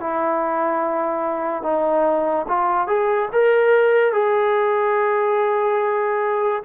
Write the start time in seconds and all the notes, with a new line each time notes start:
0.00 E4
1.62 D#4
2.48 F4
2.87 G#4
3.33 A#4
4.13 G#4